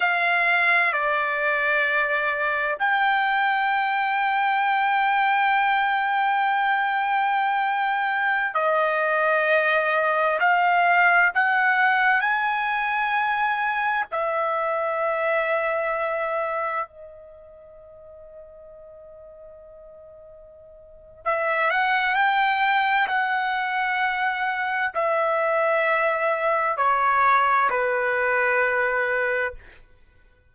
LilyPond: \new Staff \with { instrumentName = "trumpet" } { \time 4/4 \tempo 4 = 65 f''4 d''2 g''4~ | g''1~ | g''4~ g''16 dis''2 f''8.~ | f''16 fis''4 gis''2 e''8.~ |
e''2~ e''16 dis''4.~ dis''16~ | dis''2. e''8 fis''8 | g''4 fis''2 e''4~ | e''4 cis''4 b'2 | }